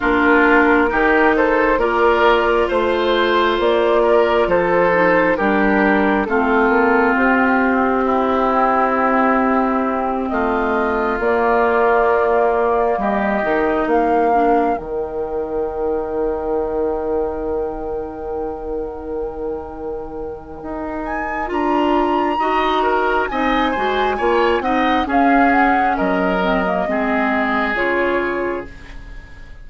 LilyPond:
<<
  \new Staff \with { instrumentName = "flute" } { \time 4/4 \tempo 4 = 67 ais'4. c''8 d''4 c''4 | d''4 c''4 ais'4 a'4 | g'2.~ g'8 dis''8~ | dis''8 d''2 dis''4 f''8~ |
f''8 g''2.~ g''8~ | g''2.~ g''8 gis''8 | ais''2 gis''4. fis''8 | f''8 fis''8 dis''2 cis''4 | }
  \new Staff \with { instrumentName = "oboe" } { \time 4/4 f'4 g'8 a'8 ais'4 c''4~ | c''8 ais'8 a'4 g'4 f'4~ | f'4 e'2~ e'8 f'8~ | f'2~ f'8 g'4 ais'8~ |
ais'1~ | ais'1~ | ais'4 dis''8 ais'8 dis''8 c''8 cis''8 dis''8 | gis'4 ais'4 gis'2 | }
  \new Staff \with { instrumentName = "clarinet" } { \time 4/4 d'4 dis'4 f'2~ | f'4. dis'8 d'4 c'4~ | c'1~ | c'8 ais2~ ais8 dis'4 |
d'8 dis'2.~ dis'8~ | dis'1 | f'4 fis'4 dis'8 fis'8 f'8 dis'8 | cis'4. c'16 ais16 c'4 f'4 | }
  \new Staff \with { instrumentName = "bassoon" } { \time 4/4 ais4 dis4 ais4 a4 | ais4 f4 g4 a8 ais8 | c'2.~ c'8 a8~ | a8 ais2 g8 dis8 ais8~ |
ais8 dis2.~ dis8~ | dis2. dis'4 | d'4 dis'4 c'8 gis8 ais8 c'8 | cis'4 fis4 gis4 cis4 | }
>>